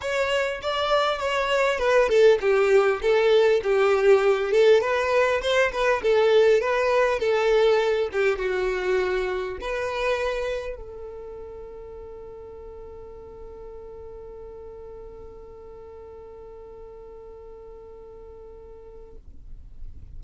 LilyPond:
\new Staff \with { instrumentName = "violin" } { \time 4/4 \tempo 4 = 100 cis''4 d''4 cis''4 b'8 a'8 | g'4 a'4 g'4. a'8 | b'4 c''8 b'8 a'4 b'4 | a'4. g'8 fis'2 |
b'2 a'2~ | a'1~ | a'1~ | a'1 | }